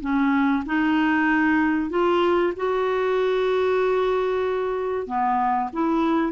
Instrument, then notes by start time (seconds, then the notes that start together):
clarinet
0.00 C#4
0.66 D#4
1.89 F4
2.56 F#4
5.06 B3
5.73 E4